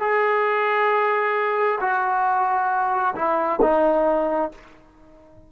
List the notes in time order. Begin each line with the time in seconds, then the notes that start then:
0.00 G#4
1.81 F#4
3.15 E4
3.62 D#4